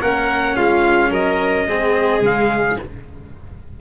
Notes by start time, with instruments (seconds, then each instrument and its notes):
0.00 tuba A#3, cello C#4, violin A#4, trumpet F#5
0.56 tuba G#3, violin F4, trumpet F5
1.10 tuba F#3, violin A#4, trumpet D#5
1.67 tuba G#3, cello C4, violin G#4
2.20 tuba C#3, cello G#3, trumpet F5